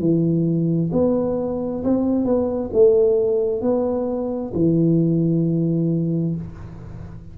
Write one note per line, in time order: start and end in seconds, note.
0.00 0.91 E3
0.93 1.83 B3
1.84 2.25 C4
2.25 2.71 B3
2.73 3.62 A3
3.62 4.52 B3
4.54 6.36 E3